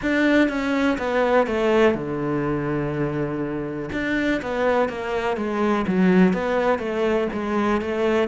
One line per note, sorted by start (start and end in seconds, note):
0.02 0.49 D4
0.49 0.97 C#4
0.98 1.46 B3
1.46 1.94 A3
1.94 3.89 D3
3.92 4.41 D4
4.41 4.88 B3
4.88 5.37 A#3
5.37 5.85 G#3
5.87 6.33 F#3
6.33 6.78 B3
6.78 7.27 A3
7.32 7.81 G#3
7.81 8.27 A3